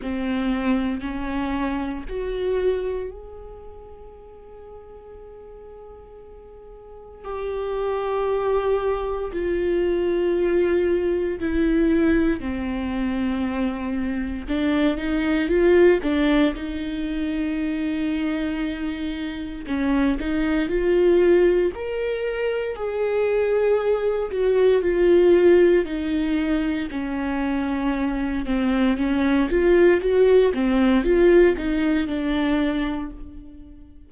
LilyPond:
\new Staff \with { instrumentName = "viola" } { \time 4/4 \tempo 4 = 58 c'4 cis'4 fis'4 gis'4~ | gis'2. g'4~ | g'4 f'2 e'4 | c'2 d'8 dis'8 f'8 d'8 |
dis'2. cis'8 dis'8 | f'4 ais'4 gis'4. fis'8 | f'4 dis'4 cis'4. c'8 | cis'8 f'8 fis'8 c'8 f'8 dis'8 d'4 | }